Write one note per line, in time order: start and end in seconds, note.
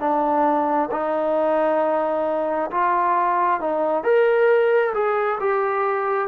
0.00 0.90 D4
0.92 2.71 D#4
2.71 3.61 F4
3.61 4.04 D#4
4.04 4.93 A#4
4.95 5.39 G#4
5.40 6.28 G4